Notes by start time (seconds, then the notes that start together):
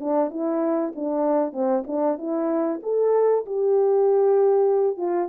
0.00 D4
0.31 E4
0.95 D4
1.53 C4
1.87 D4
2.18 E4
2.83 A4
3.46 G4
4.97 F4